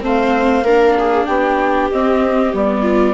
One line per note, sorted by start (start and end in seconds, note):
0.00 0.62 A3
0.00 0.62 C4
0.00 0.64 C5
0.00 1.25 F5
0.62 1.25 A#3
0.62 1.91 D4
0.62 0.96 A#4
0.98 1.27 G#4
1.25 1.90 B3
1.25 2.82 G4
1.25 1.88 G5
1.91 2.53 C4
1.91 2.54 D#5
2.53 3.14 G3
2.53 3.14 B3
2.53 3.14 D5
2.82 3.13 F4